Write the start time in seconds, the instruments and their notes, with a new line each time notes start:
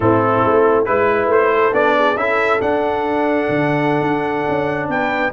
0.00 tuba A2, trombone C4, horn E4, trumpet A4
0.44 tuba A3
0.85 tuba G#3, trombone E4, trumpet B4, horn B4
1.27 tuba A3, trumpet C5
1.53 horn A4
1.72 tuba B3, trombone D4, trumpet D5
1.97 horn G#4
2.16 tuba C#4, trombone E4, horn A4, trumpet E5
2.61 trombone D4, tuba D4, trumpet F#5
3.49 tuba D3
4.01 tuba D4
4.48 tuba C#4
4.88 tuba B3, horn B4, trumpet G5